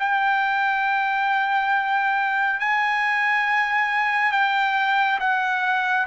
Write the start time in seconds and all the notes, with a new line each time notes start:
0.00 G5
2.60 G#5
4.32 G5
5.20 F#5